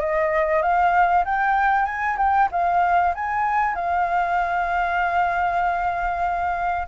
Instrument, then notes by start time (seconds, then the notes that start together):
flute
0.00 D#5
0.62 F5
1.25 G5
1.86 G#5
2.18 G5
2.52 F5
3.15 G#5
3.75 F5